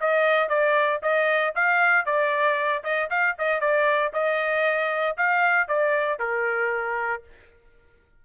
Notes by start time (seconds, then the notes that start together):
0.00 D#5
0.48 D5
1.02 D#5
1.55 F5
2.05 D5
2.83 D#5
3.10 F5
3.38 D#5
3.60 D5
4.13 D#5
5.17 F5
5.68 D5
6.19 A#4